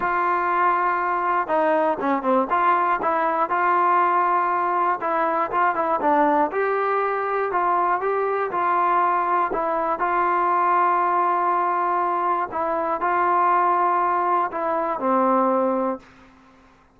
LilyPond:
\new Staff \with { instrumentName = "trombone" } { \time 4/4 \tempo 4 = 120 f'2. dis'4 | cis'8 c'8 f'4 e'4 f'4~ | f'2 e'4 f'8 e'8 | d'4 g'2 f'4 |
g'4 f'2 e'4 | f'1~ | f'4 e'4 f'2~ | f'4 e'4 c'2 | }